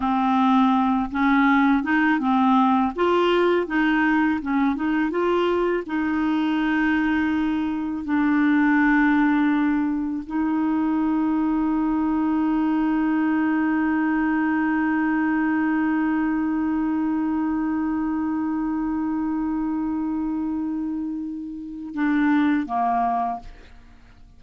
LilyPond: \new Staff \with { instrumentName = "clarinet" } { \time 4/4 \tempo 4 = 82 c'4. cis'4 dis'8 c'4 | f'4 dis'4 cis'8 dis'8 f'4 | dis'2. d'4~ | d'2 dis'2~ |
dis'1~ | dis'1~ | dis'1~ | dis'2 d'4 ais4 | }